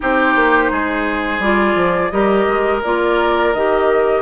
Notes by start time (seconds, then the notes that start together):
0.00 C4 D#4 G4 C5
0.35 A#3
0.71 G#3 G#4
1.39 G3 F4 D5
1.75 F3
2.10 G3 G4 A#4 D#5
2.47 G#3
2.83 A#3 F4 D5
3.53 D#3 G4 D#5